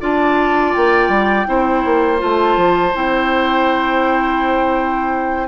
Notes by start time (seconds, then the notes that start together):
0.00 D4 F4 D5 A5
0.73 A#3 G5
1.08 G3
1.46 C4 E4 C5
1.85 A#3
2.18 A3 F4 A5
2.56 F3
2.94 C4 E4 G5